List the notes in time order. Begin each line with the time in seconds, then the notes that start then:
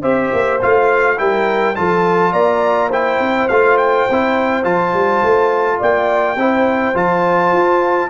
0.00 C4 G4 C5 E5
0.33 A#3
0.61 A3 F4 F5
1.17 G3 E4 A#4 G5
1.75 F3 F4 A4 A5
2.32 A#3 D5 A#5
2.89 E4 C5 G5
3.19 C4
3.48 A3 F4 F5
3.77 G5
4.09 C4 E4
4.63 F3 F4 A5
4.93 G3
5.22 A3
5.78 A#3 D5 G5
6.36 C4 E4 C5
6.94 F3 F4 A5
7.52 F4